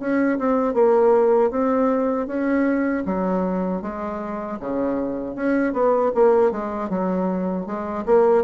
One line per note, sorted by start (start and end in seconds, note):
0.00 0.38 C#4
0.39 0.74 C4
0.74 1.51 A#3
1.51 2.27 C4
2.27 3.04 C#4
3.06 3.82 F#3
3.82 4.59 G#3
4.60 5.35 C#3
5.35 5.73 C#4
5.73 6.12 B3
6.15 6.51 A#3
6.51 6.90 G#3
6.90 7.66 F#3
7.66 8.05 G#3
8.06 8.44 A#3